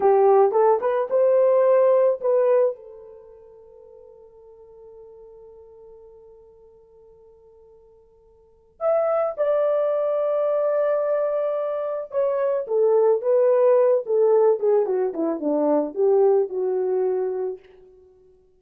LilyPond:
\new Staff \with { instrumentName = "horn" } { \time 4/4 \tempo 4 = 109 g'4 a'8 b'8 c''2 | b'4 a'2.~ | a'1~ | a'1 |
e''4 d''2.~ | d''2 cis''4 a'4 | b'4. a'4 gis'8 fis'8 e'8 | d'4 g'4 fis'2 | }